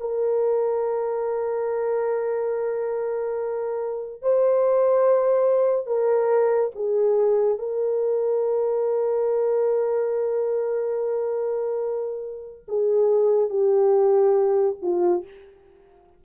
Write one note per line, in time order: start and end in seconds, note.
0.00 4.22 A#4
4.22 5.87 C5
5.87 6.71 A#4
6.75 7.58 G#4
7.58 12.65 A#4
12.68 13.50 G#4
13.50 14.77 G4
14.82 15.25 F4